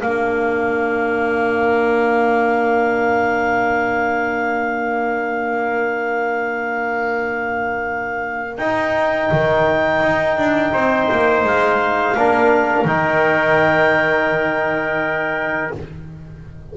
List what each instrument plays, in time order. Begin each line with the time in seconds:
0.00 double bass A#3, trombone D4, trumpet A#4, clarinet F5
8.57 double bass D#4, trombone D#4, clarinet G5
9.32 double bass D#3
10.02 double bass D#4
10.38 double bass D4
10.73 double bass C4, trumpet C5
11.12 double bass A#3
11.45 double bass G#3, clarinet F5
12.17 double bass A#3, trombone D4, trumpet A#4
12.85 double bass D#3, trombone D#4, clarinet G5